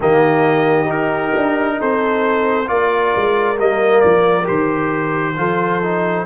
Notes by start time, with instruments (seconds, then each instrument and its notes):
0.00 tuba D#3, trombone A#3, horn G4, trumpet D#5
0.85 trombone D#4, tuba D#4, trumpet A#4
1.35 tuba D4
1.79 tuba C4, horn A4, trumpet C5
2.67 tuba A#3, trombone F4, horn A#4, trumpet D5
3.16 tuba G#3
3.57 tuba G3, trombone A#3, trumpet D#5
4.00 tuba F3, trumpet D5
4.44 tuba D#3, trombone G4, trumpet C5
5.37 tuba F3, trombone F4, horn A4
5.82 trombone D#4